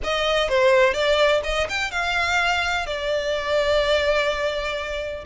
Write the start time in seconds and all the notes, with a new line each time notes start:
0.03 D#5
0.48 C5
0.93 D5
1.43 D#5
1.69 G5
1.91 F5
2.86 D5